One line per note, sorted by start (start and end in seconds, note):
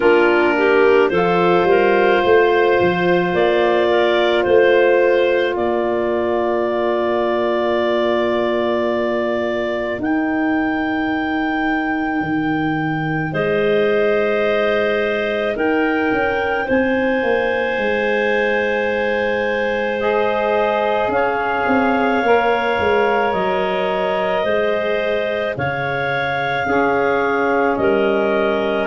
0.00 1.10 A#3
0.00 1.11 D4
0.00 0.54 F4
0.00 1.09 A#4
0.57 1.11 G4
1.09 1.63 F3
1.09 10.00 F4
1.09 1.66 A4
1.09 3.31 C5
1.63 2.18 G3
1.63 2.22 A#4
2.22 2.80 A3
2.22 3.88 C5
2.80 3.33 F3
3.33 4.44 A#3
3.33 4.43 D5
3.89 4.44 A#4
4.43 5.56 A3
4.43 5.54 C5
4.43 5.55 C5
5.55 9.98 A#3
5.55 13.32 A#4
5.55 10.00 D5
9.98 12.21 D#4
9.98 20.00 D#4
9.98 13.33 G5
12.21 13.32 D#3
13.32 15.55 G#3
13.32 15.54 C5
13.32 15.55 D#5
15.55 16.11 D#4
15.55 16.64 A#4
15.55 16.68 G5
16.11 16.67 C#4
16.64 17.22 C4
16.64 21.09 C5
16.64 20.00 G#5
17.22 17.78 A#3
17.78 21.08 G#3
20.00 22.22 G#4
20.00 21.11 D#5
21.08 21.63 C#4
21.08 23.32 F5
21.14 24.43 C#5
21.67 22.22 C4
22.22 22.78 A#3
22.22 24.47 A#4
22.78 23.33 G#3
23.32 24.44 F#3
23.32 25.54 D#5
24.43 25.55 G#3
24.43 26.66 G#4
24.43 25.54 C5
25.56 26.65 C#3
25.56 26.66 C#5
25.56 27.76 F5
26.65 27.76 C#4
26.65 28.87 C#4
26.65 27.77 G#4
27.76 28.87 G3
27.76 28.87 A#4
27.76 28.87 D#5